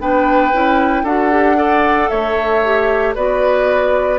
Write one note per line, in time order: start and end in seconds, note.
0.00 0.53 B3
0.00 0.53 D4
0.00 1.04 B4
0.00 1.06 G5
0.53 1.04 C#4
0.53 1.05 E4
1.04 2.09 D4
1.04 1.31 F#4
1.04 1.56 A4
1.04 2.09 F#5
1.31 1.57 G4
1.57 2.62 A4
1.57 2.11 D5
2.09 3.17 A3
2.09 3.15 C#5
2.09 3.14 E5
2.65 3.16 G4
3.15 4.20 B3
3.15 4.20 F#4
3.15 4.20 B4
3.15 4.20 D5